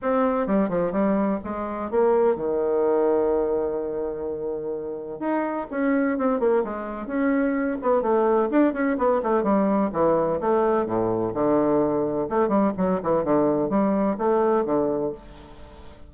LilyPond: \new Staff \with { instrumentName = "bassoon" } { \time 4/4 \tempo 4 = 127 c'4 g8 f8 g4 gis4 | ais4 dis2.~ | dis2. dis'4 | cis'4 c'8 ais8 gis4 cis'4~ |
cis'8 b8 a4 d'8 cis'8 b8 a8 | g4 e4 a4 a,4 | d2 a8 g8 fis8 e8 | d4 g4 a4 d4 | }